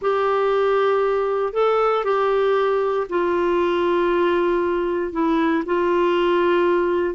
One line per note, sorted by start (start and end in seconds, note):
0.01 1.53 G4
1.53 2.04 A4
2.04 3.07 G4
3.09 5.12 F4
5.12 5.63 E4
5.65 7.14 F4